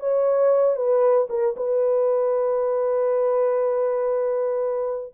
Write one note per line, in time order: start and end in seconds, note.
0.00 0.76 C#5
0.76 1.28 B4
1.29 1.55 A#4
1.57 5.14 B4